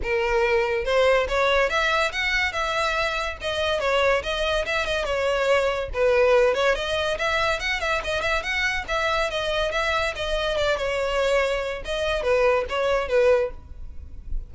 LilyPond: \new Staff \with { instrumentName = "violin" } { \time 4/4 \tempo 4 = 142 ais'2 c''4 cis''4 | e''4 fis''4 e''2 | dis''4 cis''4 dis''4 e''8 dis''8 | cis''2 b'4. cis''8 |
dis''4 e''4 fis''8 e''8 dis''8 e''8 | fis''4 e''4 dis''4 e''4 | dis''4 d''8 cis''2~ cis''8 | dis''4 b'4 cis''4 b'4 | }